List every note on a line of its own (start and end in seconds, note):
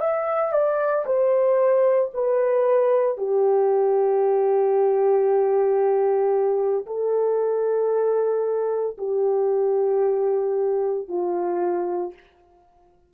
0.00 0.53 E5
0.53 1.05 D5
1.06 2.11 C5
2.14 3.18 B4
3.18 6.86 G4
6.87 8.97 A4
8.98 11.08 G4
11.08 12.13 F4